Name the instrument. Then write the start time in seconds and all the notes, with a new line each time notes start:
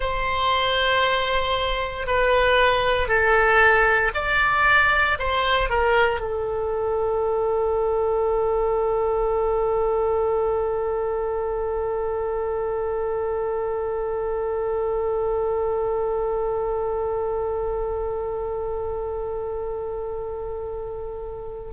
oboe
0.00 C5
2.06 B4
3.08 A4
4.14 D5
5.19 C5
5.69 A#4
6.20 A4